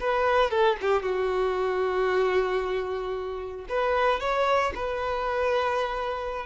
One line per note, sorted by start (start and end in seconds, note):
0.00 0.50 B4
0.50 0.77 A4
0.81 1.02 G4
1.02 3.66 F#4
3.69 4.20 B4
4.20 4.73 C#5
4.75 6.46 B4